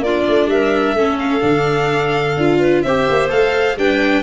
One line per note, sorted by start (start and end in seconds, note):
0.00 0.23 A#3
0.00 0.50 F4
0.00 0.49 D5
0.06 0.97 D4
0.28 0.47 A3
0.47 0.93 G3
0.47 0.97 A#4
0.47 1.19 E5
0.94 1.41 A3
0.94 1.40 C#4
0.94 2.59 A4
1.19 2.82 F5
1.40 2.37 D3
1.40 2.34 D4
2.37 2.83 D4
2.37 2.86 F4
2.59 2.83 B4
2.82 3.08 C4
2.82 3.29 G4
2.82 3.78 C5
2.82 3.29 E5
3.10 3.31 A#3
3.29 3.77 A3
3.29 3.76 A4
3.29 3.78 F5
3.77 4.23 G3
3.77 4.23 D4
3.77 4.23 B4
3.77 4.23 G5